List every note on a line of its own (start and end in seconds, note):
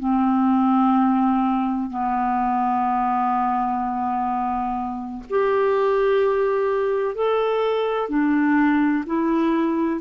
0.00 1.90 C4
1.90 5.23 B3
5.30 7.16 G4
7.16 8.10 A4
8.10 9.05 D4
9.06 10.01 E4